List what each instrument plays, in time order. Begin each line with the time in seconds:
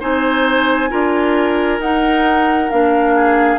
0.00 bassoon C4, clarinet D#4, oboe C5, flute G#5
0.90 bassoon D4, clarinet F4, oboe A#4
1.79 bassoon D#4, clarinet D#4, flute F#5
2.70 bassoon A#3, clarinet D4, flute F5
3.15 oboe G#4